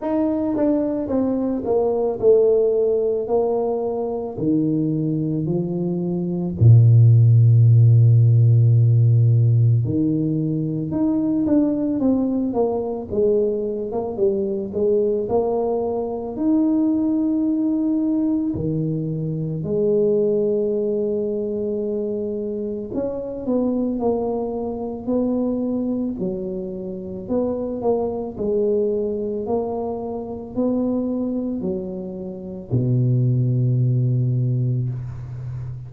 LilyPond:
\new Staff \with { instrumentName = "tuba" } { \time 4/4 \tempo 4 = 55 dis'8 d'8 c'8 ais8 a4 ais4 | dis4 f4 ais,2~ | ais,4 dis4 dis'8 d'8 c'8 ais8 | gis8. ais16 g8 gis8 ais4 dis'4~ |
dis'4 dis4 gis2~ | gis4 cis'8 b8 ais4 b4 | fis4 b8 ais8 gis4 ais4 | b4 fis4 b,2 | }